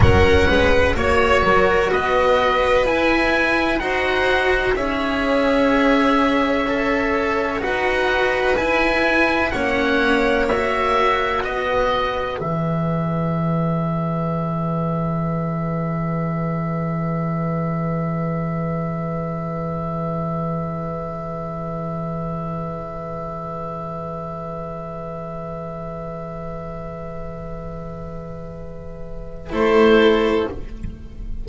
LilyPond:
<<
  \new Staff \with { instrumentName = "oboe" } { \time 4/4 \tempo 4 = 63 fis''4 cis''4 dis''4 gis''4 | fis''4 e''2. | fis''4 gis''4 fis''4 e''4 | dis''4 e''2.~ |
e''1~ | e''1~ | e''1~ | e''2. c''4 | }
  \new Staff \with { instrumentName = "violin" } { \time 4/4 ais'8 b'8 cis''8 ais'8 b'2 | c''4 cis''2. | b'2 cis''2 | b'1~ |
b'1~ | b'1~ | b'1~ | b'2. a'4 | }
  \new Staff \with { instrumentName = "cello" } { \time 4/4 cis'4 fis'2 e'4 | fis'4 gis'2 a'4 | fis'4 e'4 cis'4 fis'4~ | fis'4 gis'2.~ |
gis'1~ | gis'1~ | gis'1~ | gis'2. e'4 | }
  \new Staff \with { instrumentName = "double bass" } { \time 4/4 fis8 gis8 ais8 fis8 b4 e'4 | dis'4 cis'2. | dis'4 e'4 ais2 | b4 e2.~ |
e1~ | e1~ | e1~ | e2. a4 | }
>>